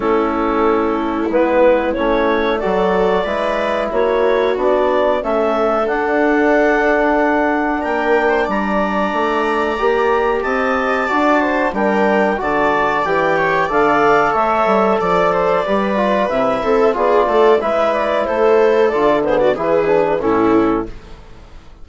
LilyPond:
<<
  \new Staff \with { instrumentName = "clarinet" } { \time 4/4 \tempo 4 = 92 a'2 b'4 cis''4 | d''2 cis''4 d''4 | e''4 fis''2. | g''4 ais''2. |
a''2 g''4 a''4 | g''4 f''4 e''4 d''4~ | d''4 e''4 d''4 e''8 d''8 | c''4 d''8 c''16 d''16 b'4 a'4 | }
  \new Staff \with { instrumentName = "viola" } { \time 4/4 e'1 | a'4 b'4 fis'2 | a'1 | ais'8. c''16 d''2. |
dis''4 d''8 c''8 ais'4 d''4~ | d''8 cis''8 d''4 cis''4 d''8 c''8 | b'4. a'8 gis'8 a'8 b'4 | a'4. gis'16 fis'16 gis'4 e'4 | }
  \new Staff \with { instrumentName = "trombone" } { \time 4/4 cis'2 b4 cis'4 | fis'4 e'2 d'4 | cis'4 d'2.~ | d'2. g'4~ |
g'4 fis'4 d'4 fis'4 | g'4 a'2. | g'8 f'8 e'4 f'4 e'4~ | e'4 f'8 b8 e'8 d'8 cis'4 | }
  \new Staff \with { instrumentName = "bassoon" } { \time 4/4 a2 gis4 a4 | fis4 gis4 ais4 b4 | a4 d'2. | ais4 g4 a4 ais4 |
c'4 d'4 g4 d4 | e4 d4 a8 g8 f4 | g4 c8 c'8 b8 a8 gis4 | a4 d4 e4 a,4 | }
>>